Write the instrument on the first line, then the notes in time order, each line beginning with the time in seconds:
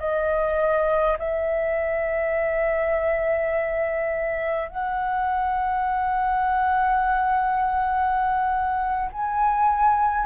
flute
0.00 D#5
1.19 E5
4.70 F#5
9.13 G#5